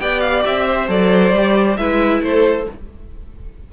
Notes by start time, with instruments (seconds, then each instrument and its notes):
0.00 cello B3, viola G4, violin D5 G5
0.20 violin F5
0.45 cello C4, violin E5
0.66 violin C5
0.88 cello F#3, viola A4, violin D5
1.32 cello G3, viola G4
1.77 cello G#3, viola E4, violin B4 E5
2.21 cello A3, violin C5
2.28 violin A4